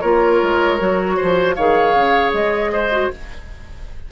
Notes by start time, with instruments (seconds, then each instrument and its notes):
0.00 bassoon A#3, clarinet F4, oboe A#4, flute C#5
0.42 bassoon G#3
0.79 bassoon F#3, clarinet F#4
1.16 bassoon F3, oboe C5
1.54 bassoon D#3, clarinet G#4, oboe C#5, flute F5
1.94 bassoon C#3
2.32 bassoon G#3, flute D#5
2.72 oboe C5
2.91 clarinet F#4